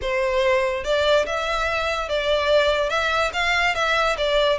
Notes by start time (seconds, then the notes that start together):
0.01 C5
0.84 D5
1.26 E5
2.09 D5
2.89 E5
3.33 F5
3.74 E5
4.17 D5